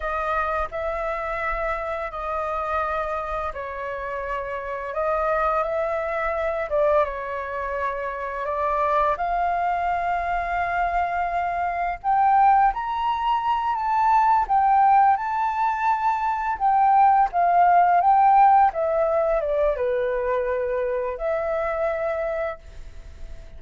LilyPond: \new Staff \with { instrumentName = "flute" } { \time 4/4 \tempo 4 = 85 dis''4 e''2 dis''4~ | dis''4 cis''2 dis''4 | e''4. d''8 cis''2 | d''4 f''2.~ |
f''4 g''4 ais''4. a''8~ | a''8 g''4 a''2 g''8~ | g''8 f''4 g''4 e''4 d''8 | b'2 e''2 | }